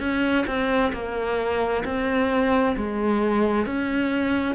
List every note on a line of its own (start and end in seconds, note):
0.00 0.45 C#4
0.47 0.93 C4
0.93 1.84 A#3
1.85 2.76 C4
2.77 3.66 G#3
3.66 4.55 C#4